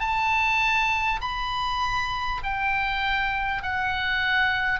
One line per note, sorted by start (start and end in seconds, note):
0.00 1.20 A5
1.22 2.42 B5
2.44 3.63 G5
3.63 4.80 F#5